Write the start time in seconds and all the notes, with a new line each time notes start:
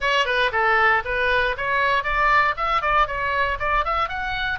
0.00 C#5
0.25 B4
0.52 A4
1.04 B4
1.57 C#5
2.03 D5
2.56 E5
2.81 D5
3.07 C#5
3.59 D5
3.84 E5
4.09 F#5